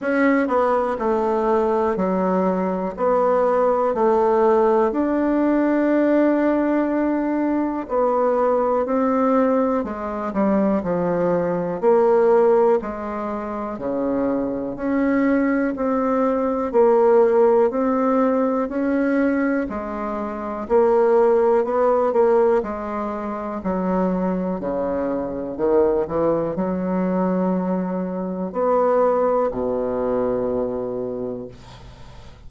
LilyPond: \new Staff \with { instrumentName = "bassoon" } { \time 4/4 \tempo 4 = 61 cis'8 b8 a4 fis4 b4 | a4 d'2. | b4 c'4 gis8 g8 f4 | ais4 gis4 cis4 cis'4 |
c'4 ais4 c'4 cis'4 | gis4 ais4 b8 ais8 gis4 | fis4 cis4 dis8 e8 fis4~ | fis4 b4 b,2 | }